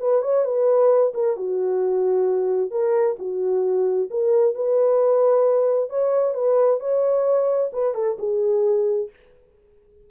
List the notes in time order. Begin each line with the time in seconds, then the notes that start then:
0.00 B4
0.22 C#5
0.45 B4
1.14 A#4
1.36 F#4
2.71 A#4
3.19 F#4
4.10 A#4
4.55 B4
5.89 C#5
6.34 B4
6.80 C#5
7.73 B4
7.94 A4
8.19 G#4